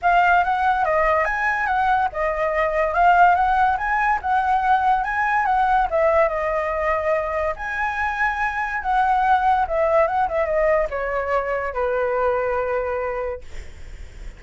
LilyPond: \new Staff \with { instrumentName = "flute" } { \time 4/4 \tempo 4 = 143 f''4 fis''4 dis''4 gis''4 | fis''4 dis''2 f''4 | fis''4 gis''4 fis''2 | gis''4 fis''4 e''4 dis''4~ |
dis''2 gis''2~ | gis''4 fis''2 e''4 | fis''8 e''8 dis''4 cis''2 | b'1 | }